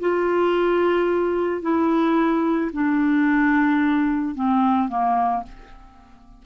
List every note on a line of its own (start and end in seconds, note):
0.00 1.62 F4
1.62 2.71 E4
2.72 4.35 D4
4.35 4.88 C4
4.88 5.43 A#3